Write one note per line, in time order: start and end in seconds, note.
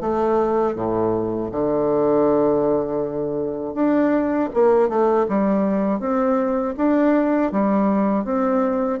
0.00 0.75 A3
0.75 1.50 A2
1.51 3.74 D3
3.74 4.49 D4
4.53 4.89 A#3
4.89 5.26 A3
5.28 5.99 G3
5.99 6.74 C4
6.77 7.51 D4
7.51 8.24 G3
8.24 8.99 C4